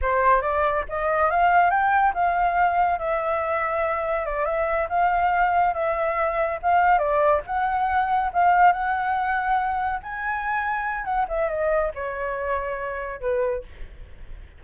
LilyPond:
\new Staff \with { instrumentName = "flute" } { \time 4/4 \tempo 4 = 141 c''4 d''4 dis''4 f''4 | g''4 f''2 e''4~ | e''2 d''8 e''4 f''8~ | f''4. e''2 f''8~ |
f''8 d''4 fis''2 f''8~ | f''8 fis''2. gis''8~ | gis''2 fis''8 e''8 dis''4 | cis''2. b'4 | }